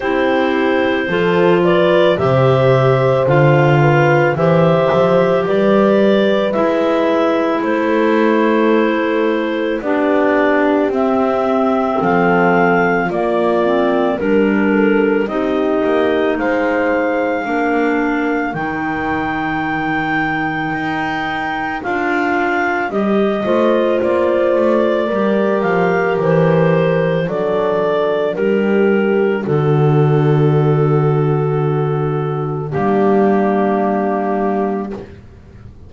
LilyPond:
<<
  \new Staff \with { instrumentName = "clarinet" } { \time 4/4 \tempo 4 = 55 c''4. d''8 e''4 f''4 | e''4 d''4 e''4 c''4~ | c''4 d''4 e''4 f''4 | d''4 ais'4 dis''4 f''4~ |
f''4 g''2. | f''4 dis''4 d''4. f''8 | c''4 d''4 ais'4 a'4~ | a'2 g'2 | }
  \new Staff \with { instrumentName = "horn" } { \time 4/4 g'4 a'8 b'8 c''4. b'8 | c''4 b'2 a'4~ | a'4 g'2 a'4 | f'4 ais'8 a'8 g'4 c''4 |
ais'1~ | ais'4. c''4. ais'4~ | ais'4 a'4 g'4 fis'4~ | fis'2 d'2 | }
  \new Staff \with { instrumentName = "clarinet" } { \time 4/4 e'4 f'4 g'4 f'4 | g'2 e'2~ | e'4 d'4 c'2 | ais8 c'8 d'4 dis'2 |
d'4 dis'2. | f'4 g'8 f'4. g'4~ | g'4 d'2.~ | d'2 ais2 | }
  \new Staff \with { instrumentName = "double bass" } { \time 4/4 c'4 f4 c4 d4 | e8 f8 g4 gis4 a4~ | a4 b4 c'4 f4 | ais4 g4 c'8 ais8 gis4 |
ais4 dis2 dis'4 | d'4 g8 a8 ais8 a8 g8 f8 | e4 fis4 g4 d4~ | d2 g2 | }
>>